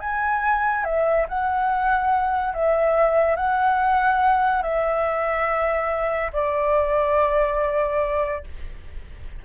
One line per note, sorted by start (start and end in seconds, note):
0.00 0.84 G#5
0.84 1.26 E5
1.28 2.54 F#5
2.54 3.36 E5
3.36 4.62 F#5
4.62 6.31 E5
6.32 8.44 D5